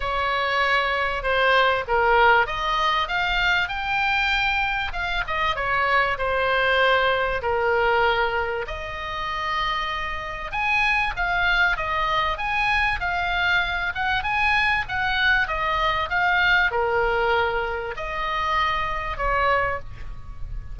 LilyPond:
\new Staff \with { instrumentName = "oboe" } { \time 4/4 \tempo 4 = 97 cis''2 c''4 ais'4 | dis''4 f''4 g''2 | f''8 dis''8 cis''4 c''2 | ais'2 dis''2~ |
dis''4 gis''4 f''4 dis''4 | gis''4 f''4. fis''8 gis''4 | fis''4 dis''4 f''4 ais'4~ | ais'4 dis''2 cis''4 | }